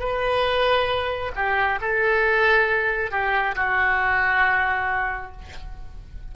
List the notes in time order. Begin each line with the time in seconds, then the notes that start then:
0.00 B4
1.36 G4
1.82 A4
3.12 G4
3.56 F#4